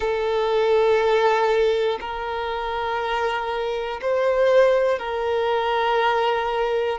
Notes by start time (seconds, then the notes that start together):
0.00 A4
2.00 A#4
4.01 C5
4.99 A#4